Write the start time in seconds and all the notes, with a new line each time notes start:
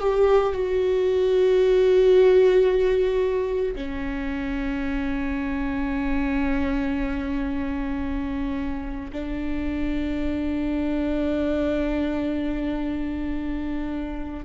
0.00 G4
0.54 F#4
3.75 C#4
9.13 D4